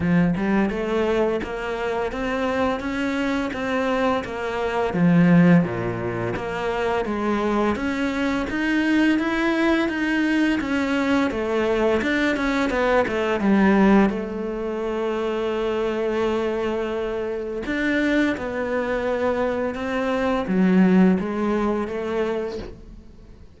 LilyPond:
\new Staff \with { instrumentName = "cello" } { \time 4/4 \tempo 4 = 85 f8 g8 a4 ais4 c'4 | cis'4 c'4 ais4 f4 | ais,4 ais4 gis4 cis'4 | dis'4 e'4 dis'4 cis'4 |
a4 d'8 cis'8 b8 a8 g4 | a1~ | a4 d'4 b2 | c'4 fis4 gis4 a4 | }